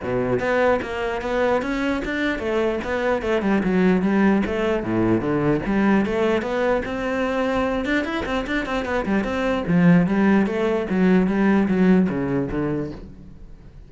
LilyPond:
\new Staff \with { instrumentName = "cello" } { \time 4/4 \tempo 4 = 149 b,4 b4 ais4 b4 | cis'4 d'4 a4 b4 | a8 g8 fis4 g4 a4 | a,4 d4 g4 a4 |
b4 c'2~ c'8 d'8 | e'8 c'8 d'8 c'8 b8 g8 c'4 | f4 g4 a4 fis4 | g4 fis4 cis4 d4 | }